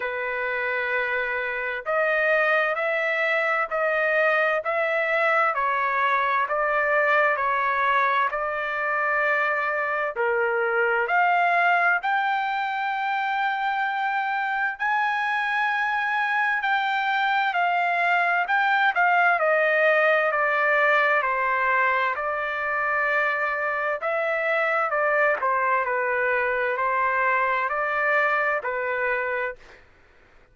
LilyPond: \new Staff \with { instrumentName = "trumpet" } { \time 4/4 \tempo 4 = 65 b'2 dis''4 e''4 | dis''4 e''4 cis''4 d''4 | cis''4 d''2 ais'4 | f''4 g''2. |
gis''2 g''4 f''4 | g''8 f''8 dis''4 d''4 c''4 | d''2 e''4 d''8 c''8 | b'4 c''4 d''4 b'4 | }